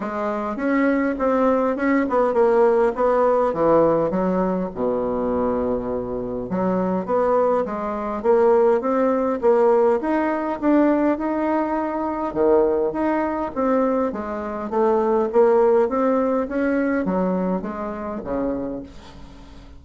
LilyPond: \new Staff \with { instrumentName = "bassoon" } { \time 4/4 \tempo 4 = 102 gis4 cis'4 c'4 cis'8 b8 | ais4 b4 e4 fis4 | b,2. fis4 | b4 gis4 ais4 c'4 |
ais4 dis'4 d'4 dis'4~ | dis'4 dis4 dis'4 c'4 | gis4 a4 ais4 c'4 | cis'4 fis4 gis4 cis4 | }